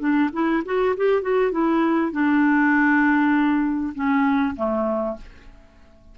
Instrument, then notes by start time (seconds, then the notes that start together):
clarinet
0.00 D4
0.33 E4
0.66 F#4
0.97 G4
1.22 F#4
1.52 E4
2.12 D4
3.95 C#4
4.56 A3